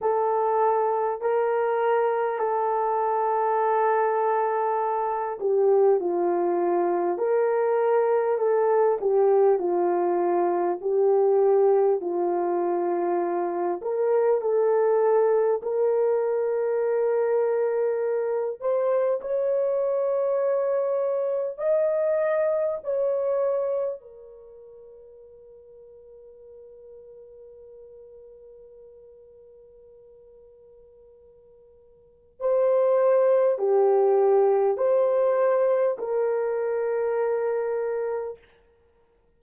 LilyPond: \new Staff \with { instrumentName = "horn" } { \time 4/4 \tempo 4 = 50 a'4 ais'4 a'2~ | a'8 g'8 f'4 ais'4 a'8 g'8 | f'4 g'4 f'4. ais'8 | a'4 ais'2~ ais'8 c''8 |
cis''2 dis''4 cis''4 | ais'1~ | ais'2. c''4 | g'4 c''4 ais'2 | }